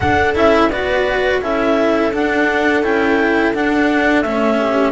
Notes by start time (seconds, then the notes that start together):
0.00 D4 A4 F#5
0.35 C#4 E4 E5
0.69 B3 F#4 B4 D5
1.41 C#4 E4 A4 E5
2.12 D4 F#5
2.82 C#4 E4 G5
3.53 D4 F#5
4.21 A3 C#4 E5
4.58 G4